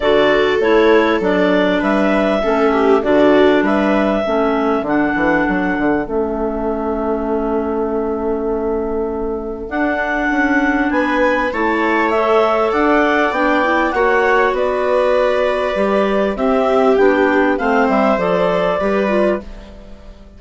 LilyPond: <<
  \new Staff \with { instrumentName = "clarinet" } { \time 4/4 \tempo 4 = 99 d''4 cis''4 d''4 e''4~ | e''4 d''4 e''2 | fis''2 e''2~ | e''1 |
fis''2 gis''4 a''4 | e''4 fis''4 g''4 fis''4 | d''2. e''4 | g''4 f''8 e''8 d''2 | }
  \new Staff \with { instrumentName = "viola" } { \time 4/4 a'2. b'4 | a'8 g'8 fis'4 b'4 a'4~ | a'1~ | a'1~ |
a'2 b'4 cis''4~ | cis''4 d''2 cis''4 | b'2. g'4~ | g'4 c''2 b'4 | }
  \new Staff \with { instrumentName = "clarinet" } { \time 4/4 fis'4 e'4 d'2 | cis'4 d'2 cis'4 | d'2 cis'2~ | cis'1 |
d'2. e'4 | a'2 d'8 e'8 fis'4~ | fis'2 g'4 c'4 | d'4 c'4 a'4 g'8 f'8 | }
  \new Staff \with { instrumentName = "bassoon" } { \time 4/4 d4 a4 fis4 g4 | a4 d4 g4 a4 | d8 e8 fis8 d8 a2~ | a1 |
d'4 cis'4 b4 a4~ | a4 d'4 b4 ais4 | b2 g4 c'4 | b4 a8 g8 f4 g4 | }
>>